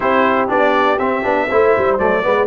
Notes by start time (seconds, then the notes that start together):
0.00 C4 E4 G4 C5
0.48 B3 D4 D5
0.98 C4 E5
1.23 B3 D4
1.48 A3 E4 C5
1.77 G3
1.98 F#3 A3 D5
2.23 G#3 B3 B4